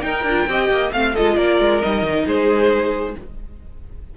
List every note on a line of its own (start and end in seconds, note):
0.00 0.22 D#4
0.00 0.24 D#4
0.00 0.49 A#4
0.00 0.90 G5
0.24 0.46 D4
0.24 0.48 F4
0.47 0.69 C4
0.47 0.93 G4
0.47 0.92 D#5
0.70 0.92 A#3
0.92 1.15 A3
0.92 1.15 C4
0.92 1.13 F5
0.92 1.15 F5
1.13 1.38 G#3
1.13 1.82 F4
1.13 1.36 A4
1.13 1.37 D#5
1.36 1.60 A#3
1.36 2.25 A#4
1.36 1.81 D5
1.60 1.82 G#3
1.81 2.02 G3
1.81 3.16 D#4
1.81 2.25 D#5
2.02 2.25 D#3
2.26 3.15 G#3
2.26 3.15 G#4
2.26 3.16 C5